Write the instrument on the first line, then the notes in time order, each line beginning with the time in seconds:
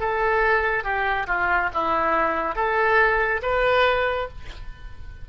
oboe
0.00 A4
0.84 G4
1.27 F4
1.74 E4
2.56 A4
3.43 B4